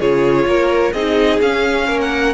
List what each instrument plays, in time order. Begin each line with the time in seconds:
0.00 cello C#3, viola F4, violin G#4 C#5
0.46 cello A#3, violin A#4
0.93 cello C4, viola D#4, violin G#4 D#5
1.42 cello C#4, viola C#4, violin F5
1.87 cello A#3, violin A#4
2.02 violin F#5